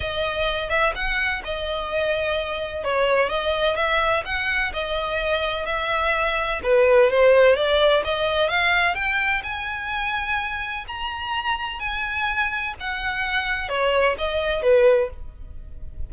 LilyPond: \new Staff \with { instrumentName = "violin" } { \time 4/4 \tempo 4 = 127 dis''4. e''8 fis''4 dis''4~ | dis''2 cis''4 dis''4 | e''4 fis''4 dis''2 | e''2 b'4 c''4 |
d''4 dis''4 f''4 g''4 | gis''2. ais''4~ | ais''4 gis''2 fis''4~ | fis''4 cis''4 dis''4 b'4 | }